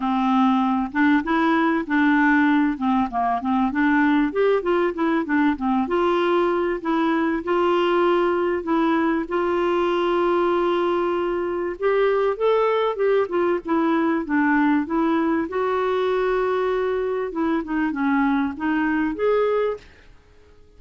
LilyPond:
\new Staff \with { instrumentName = "clarinet" } { \time 4/4 \tempo 4 = 97 c'4. d'8 e'4 d'4~ | d'8 c'8 ais8 c'8 d'4 g'8 f'8 | e'8 d'8 c'8 f'4. e'4 | f'2 e'4 f'4~ |
f'2. g'4 | a'4 g'8 f'8 e'4 d'4 | e'4 fis'2. | e'8 dis'8 cis'4 dis'4 gis'4 | }